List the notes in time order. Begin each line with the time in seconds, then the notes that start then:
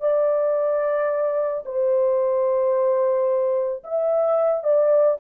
0.00 D5
1.65 C5
3.84 E5
4.63 D5